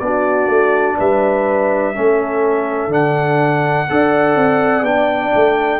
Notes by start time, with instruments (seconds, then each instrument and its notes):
0.00 tuba B3, trombone D4, horn F#4, trumpet D5
0.47 tuba A3
0.97 tuba G3, horn B4, trumpet E5
1.94 tuba A3, trombone C#4, horn A4
2.87 tuba D3, trombone D4, trumpet F#5
3.90 tuba D4, trombone A4, horn D5
4.35 tuba C4
4.82 tuba B3, trombone D4, trumpet G5
5.35 tuba A3